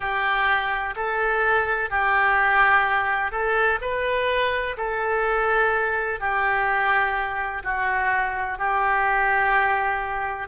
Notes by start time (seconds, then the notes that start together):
0.00 G4
0.95 A4
1.90 G4
3.31 A4
3.81 B4
4.77 A4
6.19 G4
7.63 F#4
8.58 G4